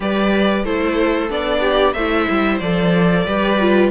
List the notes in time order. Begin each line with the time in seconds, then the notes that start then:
0.00 G3 G4 B4 D5
0.64 A3 E4 A4 C5
1.29 B3 D4 D5
1.61 G4
1.93 A3 E4 C5 E5
2.30 G3
2.59 F3 A4 D5
3.25 G3 G4 B4
3.60 F4